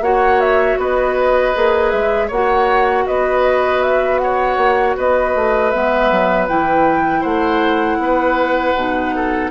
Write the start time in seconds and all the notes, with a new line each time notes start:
0.00 A#3 F#4 C#5 F#5
0.40 E5
0.77 B3 B4 D#5
1.53 A#3 G#4
1.90 G#3 E5
2.27 A#3 F#4 C#5 F#5
3.06 B3 B4 D#5
3.82 E5
4.18 C#5 F#5
4.57 A#3
4.96 B3 B4 D#5
5.34 A3
5.70 G#3 B3 E5
6.11 F#3
6.48 E3 E4 G5
7.20 A3 C5 F#5
7.98 B3 B4
8.75 B2 D#4
9.15 A4